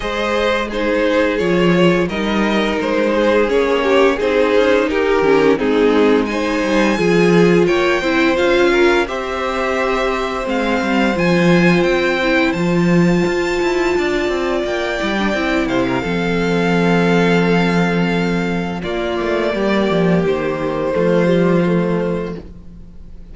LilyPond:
<<
  \new Staff \with { instrumentName = "violin" } { \time 4/4 \tempo 4 = 86 dis''4 c''4 cis''4 dis''4 | c''4 cis''4 c''4 ais'4 | gis'4 gis''2 g''4 | f''4 e''2 f''4 |
gis''4 g''4 a''2~ | a''4 g''4. f''4.~ | f''2. d''4~ | d''4 c''2. | }
  \new Staff \with { instrumentName = "violin" } { \time 4/4 c''4 gis'2 ais'4~ | ais'8 gis'4 g'8 gis'4 g'4 | dis'4 c''4 gis'4 cis''8 c''8~ | c''8 ais'8 c''2.~ |
c''1 | d''2~ d''8 c''16 ais'16 a'4~ | a'2. f'4 | g'2 f'2 | }
  \new Staff \with { instrumentName = "viola" } { \time 4/4 gis'4 dis'4 f'4 dis'4~ | dis'4 cis'4 dis'4. cis'8 | c'4 dis'4 f'4. e'8 | f'4 g'2 c'4 |
f'4. e'8 f'2~ | f'4. e'16 d'16 e'4 c'4~ | c'2. ais4~ | ais2 a8 g8 a4 | }
  \new Staff \with { instrumentName = "cello" } { \time 4/4 gis2 f4 g4 | gis4 ais4 c'8 cis'8 dis'8 dis8 | gis4. g8 f4 ais8 c'8 | cis'4 c'2 gis8 g8 |
f4 c'4 f4 f'8 e'8 | d'8 c'8 ais8 g8 c'8 c8 f4~ | f2. ais8 a8 | g8 f8 dis4 f2 | }
>>